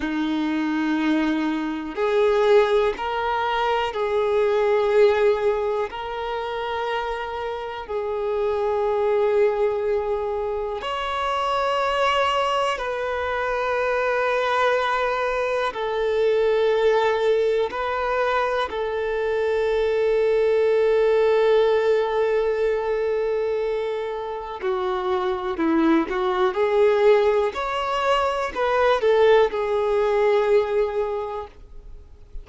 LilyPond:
\new Staff \with { instrumentName = "violin" } { \time 4/4 \tempo 4 = 61 dis'2 gis'4 ais'4 | gis'2 ais'2 | gis'2. cis''4~ | cis''4 b'2. |
a'2 b'4 a'4~ | a'1~ | a'4 fis'4 e'8 fis'8 gis'4 | cis''4 b'8 a'8 gis'2 | }